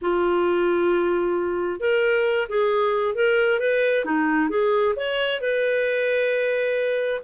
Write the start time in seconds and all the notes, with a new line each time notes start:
0.01 F4
1.80 A#4
2.48 G#4
3.15 A#4
3.59 B4
4.05 D#4
4.49 G#4
4.96 C#5
5.40 B4